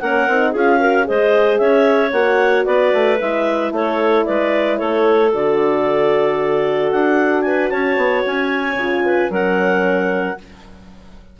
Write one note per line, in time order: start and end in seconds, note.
0.00 0.28 A#3
0.00 0.29 C#4
0.00 0.51 A#4
0.00 0.53 F#5
0.28 0.55 C4
0.28 0.55 D#4
0.51 1.08 C#4
0.51 0.80 F4
0.51 0.78 G#4
0.51 1.08 F5
0.80 1.04 F#4
0.80 1.06 A#4
1.04 1.60 G#3
1.04 2.10 G#4
1.04 1.61 C5
1.04 1.58 D#5
1.58 2.13 C#4
1.58 2.66 C#5
1.58 2.11 E5
2.13 2.66 A#3
2.13 3.20 F#4
2.13 2.65 F#5
2.65 2.93 B3
2.65 3.72 B4
2.65 3.19 D5
2.93 3.20 A3
3.20 3.72 G#3
3.20 5.33 E4
3.20 3.74 E5
3.72 4.25 A3
3.72 4.27 A4
3.72 4.25 C#5
4.25 4.81 G#3
4.25 4.79 B4
4.25 4.78 D5
4.78 5.34 A3
4.78 7.44 A4
4.78 5.31 C#5
5.33 6.92 D3
5.33 8.78 F#4
5.33 6.92 D5
6.92 7.71 D4
6.92 7.42 F#5
7.42 7.72 B4
7.42 7.68 G#5
7.69 7.97 C#4
7.69 9.05 C#5
7.69 8.22 A5
7.97 8.23 B3
8.26 8.75 C#4
8.26 9.33 G#5
8.75 9.28 C#3
8.75 9.32 F4
9.05 9.32 B4
9.30 10.36 F#3
9.30 10.38 C#4
9.30 10.38 A#4
9.30 10.40 F#5